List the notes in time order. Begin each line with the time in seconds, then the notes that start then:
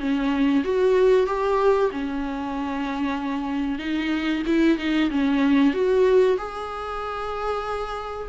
0.00 C#4
0.65 F#4
1.27 G4
1.92 C#4
3.79 D#4
4.47 E4
4.78 D#4
5.11 C#4
5.74 F#4
6.38 G#4